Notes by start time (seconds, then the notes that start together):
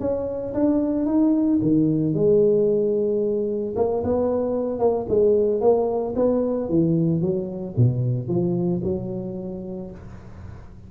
0.00 C#4
0.54 D4
1.05 D#4
1.61 D#3
2.14 G#3
3.76 A#3
4.03 B3
4.79 A#3
5.09 G#3
5.61 A#3
6.16 B3
6.69 E3
7.21 F#3
7.77 B2
8.28 F3
8.83 F#3